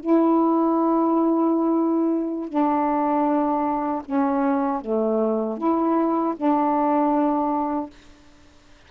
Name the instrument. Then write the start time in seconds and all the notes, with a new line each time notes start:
saxophone
0.00 E4
2.49 D4
4.06 C#4
4.81 A3
5.58 E4
6.36 D4